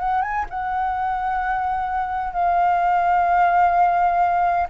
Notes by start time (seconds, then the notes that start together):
0.00 F#5
0.23 G#5
0.50 F#5
2.34 F5